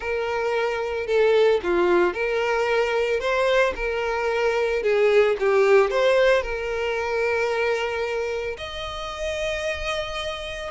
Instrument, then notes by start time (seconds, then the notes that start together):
violin
0.00 A#4
1.06 A4
1.63 F4
2.13 A#4
3.20 C5
3.75 A#4
4.82 G#4
5.39 G4
5.90 C5
6.42 A#4
8.57 D#5